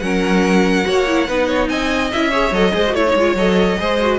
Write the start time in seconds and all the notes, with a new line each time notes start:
0.00 F#3 C#4 A#4 F#5
0.85 A#3 F#4 C#5
1.08 E4
1.28 B3 D#4 B4
1.47 C#5
1.69 C4 D#5 G#5
2.12 C#4 E4 E5
2.30 G#4 C#5
2.51 F#3 A4 D#5
2.73 G#3 G#4 C5
2.88 A3 F#4
2.95 E4 C#5
3.07 D#4
3.15 G#3 F4
3.35 F#3 A4 D#5
3.80 G#3 G#4 C5
4.02 F#4